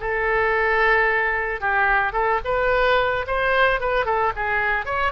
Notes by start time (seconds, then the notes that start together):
0.00 A4
1.61 G4
2.13 A4
2.45 B4
3.27 C5
3.80 B4
4.05 A4
4.36 G#4
4.86 C#5